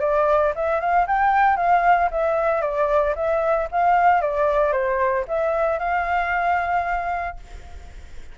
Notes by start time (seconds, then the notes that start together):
0.00 D5
0.55 E5
0.80 F5
1.07 G5
1.56 F5
2.11 E5
2.61 D5
3.15 E5
3.71 F5
4.21 D5
4.72 C5
5.28 E5
5.79 F5